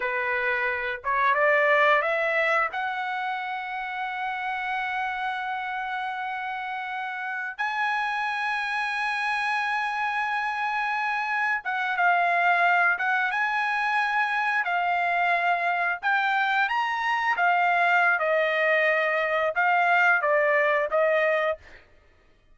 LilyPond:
\new Staff \with { instrumentName = "trumpet" } { \time 4/4 \tempo 4 = 89 b'4. cis''8 d''4 e''4 | fis''1~ | fis''2.~ fis''16 gis''8.~ | gis''1~ |
gis''4~ gis''16 fis''8 f''4. fis''8 gis''16~ | gis''4.~ gis''16 f''2 g''16~ | g''8. ais''4 f''4~ f''16 dis''4~ | dis''4 f''4 d''4 dis''4 | }